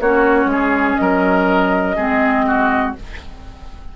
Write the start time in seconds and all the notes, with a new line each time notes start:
0.00 A#3 C#4 F#4 C#5
0.45 G#3
0.52 G#4
0.96 F#3 A#4 D#5
1.96 G#3 C4 G#4
2.47 F#4